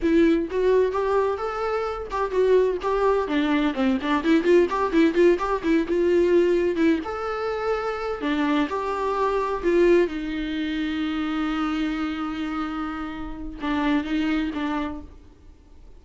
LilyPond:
\new Staff \with { instrumentName = "viola" } { \time 4/4 \tempo 4 = 128 e'4 fis'4 g'4 a'4~ | a'8 g'8 fis'4 g'4 d'4 | c'8 d'8 e'8 f'8 g'8 e'8 f'8 g'8 | e'8 f'2 e'8 a'4~ |
a'4. d'4 g'4.~ | g'8 f'4 dis'2~ dis'8~ | dis'1~ | dis'4 d'4 dis'4 d'4 | }